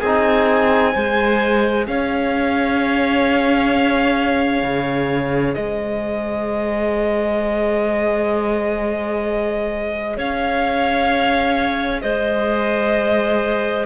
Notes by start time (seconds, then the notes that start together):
0.00 C4 D#4 G#4 G#5
0.93 G#3 G#4 C5
1.87 C#4 C#5 F5
4.63 C#3
5.54 G#3 C5 D#5
10.17 C#4 C#5 F5
12.02 G#3 C5 D#5